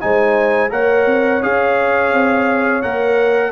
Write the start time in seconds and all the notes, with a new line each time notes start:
0.00 G#3 D#4 C5 G#5
0.70 A#3 A#4 C#5 F#5
1.06 C4
1.42 C#4 G#4 F5
2.12 C4
2.82 A#3 A#4 F#5